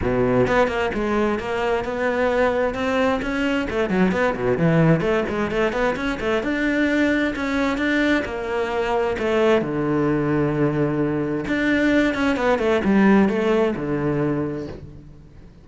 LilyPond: \new Staff \with { instrumentName = "cello" } { \time 4/4 \tempo 4 = 131 b,4 b8 ais8 gis4 ais4 | b2 c'4 cis'4 | a8 fis8 b8 b,8 e4 a8 gis8 | a8 b8 cis'8 a8 d'2 |
cis'4 d'4 ais2 | a4 d2.~ | d4 d'4. cis'8 b8 a8 | g4 a4 d2 | }